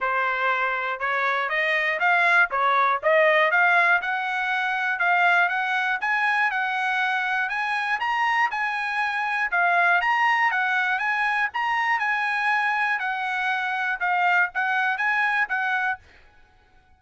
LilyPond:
\new Staff \with { instrumentName = "trumpet" } { \time 4/4 \tempo 4 = 120 c''2 cis''4 dis''4 | f''4 cis''4 dis''4 f''4 | fis''2 f''4 fis''4 | gis''4 fis''2 gis''4 |
ais''4 gis''2 f''4 | ais''4 fis''4 gis''4 ais''4 | gis''2 fis''2 | f''4 fis''4 gis''4 fis''4 | }